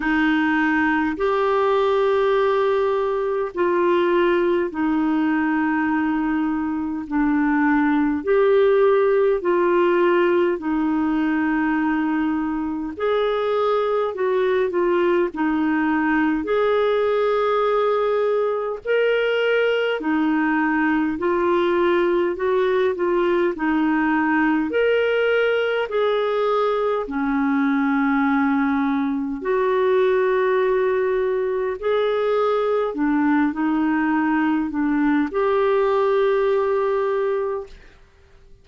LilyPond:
\new Staff \with { instrumentName = "clarinet" } { \time 4/4 \tempo 4 = 51 dis'4 g'2 f'4 | dis'2 d'4 g'4 | f'4 dis'2 gis'4 | fis'8 f'8 dis'4 gis'2 |
ais'4 dis'4 f'4 fis'8 f'8 | dis'4 ais'4 gis'4 cis'4~ | cis'4 fis'2 gis'4 | d'8 dis'4 d'8 g'2 | }